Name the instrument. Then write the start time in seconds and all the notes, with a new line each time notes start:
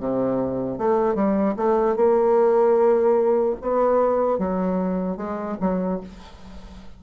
bassoon
0.00 C3
0.78 A3
1.15 G3
1.57 A3
1.96 A#3
3.61 B3
4.39 F#3
5.17 G#3
5.61 F#3